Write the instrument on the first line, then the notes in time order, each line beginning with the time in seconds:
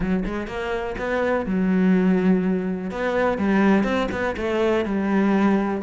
cello
0.00 F#3
0.25 G#3
0.47 A#3
0.98 B3
1.45 F#3
2.90 B3
3.38 G3
3.83 C4
4.11 B3
4.36 A3
4.85 G3